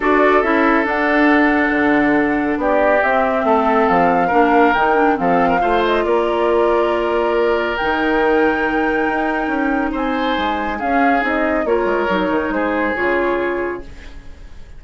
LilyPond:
<<
  \new Staff \with { instrumentName = "flute" } { \time 4/4 \tempo 4 = 139 d''4 e''4 fis''2~ | fis''2 d''4 e''4~ | e''4 f''2 g''4 | f''4. dis''8 d''2~ |
d''2 g''2~ | g''2. gis''4~ | gis''4 f''4 dis''4 cis''4~ | cis''4 c''4 cis''2 | }
  \new Staff \with { instrumentName = "oboe" } { \time 4/4 a'1~ | a'2 g'2 | a'2 ais'2 | a'8. ais'16 c''4 ais'2~ |
ais'1~ | ais'2. c''4~ | c''4 gis'2 ais'4~ | ais'4 gis'2. | }
  \new Staff \with { instrumentName = "clarinet" } { \time 4/4 fis'4 e'4 d'2~ | d'2. c'4~ | c'2 d'4 dis'8 d'8 | c'4 f'2.~ |
f'2 dis'2~ | dis'1~ | dis'4 cis'4 dis'4 f'4 | dis'2 f'2 | }
  \new Staff \with { instrumentName = "bassoon" } { \time 4/4 d'4 cis'4 d'2 | d2 b4 c'4 | a4 f4 ais4 dis4 | f4 a4 ais2~ |
ais2 dis2~ | dis4 dis'4 cis'4 c'4 | gis4 cis'4 c'4 ais8 gis8 | fis8 dis8 gis4 cis2 | }
>>